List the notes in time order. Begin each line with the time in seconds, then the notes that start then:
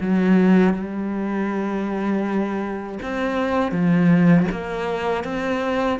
0.00 F#3
0.73 G3
3.02 C4
3.71 F3
4.51 A#3
5.23 C4